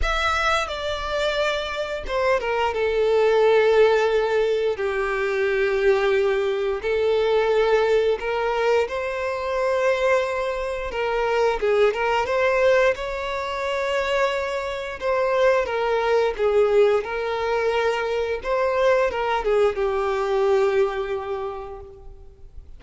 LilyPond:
\new Staff \with { instrumentName = "violin" } { \time 4/4 \tempo 4 = 88 e''4 d''2 c''8 ais'8 | a'2. g'4~ | g'2 a'2 | ais'4 c''2. |
ais'4 gis'8 ais'8 c''4 cis''4~ | cis''2 c''4 ais'4 | gis'4 ais'2 c''4 | ais'8 gis'8 g'2. | }